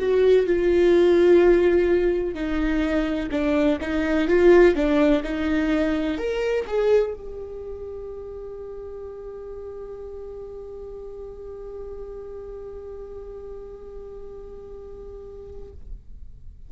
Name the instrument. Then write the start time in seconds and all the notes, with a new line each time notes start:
viola
0.00 F#4
0.47 F4
2.35 D#4
3.32 D4
3.81 D#4
4.29 F4
4.76 D4
5.24 D#4
6.18 A#4
6.68 G#4
7.15 G4